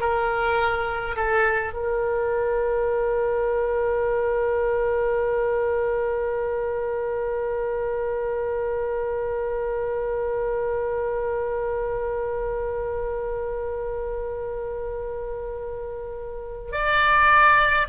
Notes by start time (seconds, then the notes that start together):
0.00 A#4
1.16 A4
1.73 A#4
16.72 D5